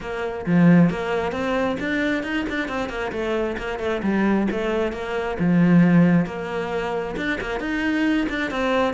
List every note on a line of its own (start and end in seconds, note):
0.00 0.45 A#3
0.45 0.90 F3
0.90 1.32 A#3
1.32 1.76 C4
1.79 2.23 D4
2.23 2.45 D#4
2.49 2.68 D4
2.68 2.89 C4
2.89 3.11 A#3
3.12 3.56 A3
3.57 3.79 A#3
3.79 4.01 A3
4.03 4.47 G3
4.51 4.92 A3
4.92 5.37 A#3
5.39 6.26 F3
6.26 7.15 A#3
7.16 7.39 D4
7.40 7.60 A#3
7.60 8.27 D#4
8.29 8.50 D4
8.50 8.93 C4